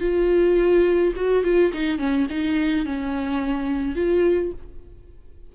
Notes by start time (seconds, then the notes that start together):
0.00 F4
1.16 F#4
1.44 F4
1.73 D#4
1.98 C#4
2.30 D#4
2.85 C#4
3.95 F4